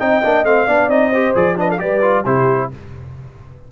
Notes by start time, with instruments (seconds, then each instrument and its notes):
0.00 tuba C4, trombone D#4, horn D#5, trumpet G5
0.23 tuba A#3, trombone D4
0.44 tuba A3, trombone C4, trumpet F5
0.67 tuba B3, trombone D4, horn D5
0.88 tuba C4, trombone D#4, trumpet D#5
1.11 trombone G4, horn C5
1.35 tuba F3, trombone G#4, trumpet D5
1.57 trombone D4, horn B4, trumpet D#5
1.70 horn A4, trumpet F5
1.79 tuba G3, trombone G4, horn B4, trumpet D5
2.02 trombone F4
2.26 tuba C3, trombone E4, horn G4, trumpet C5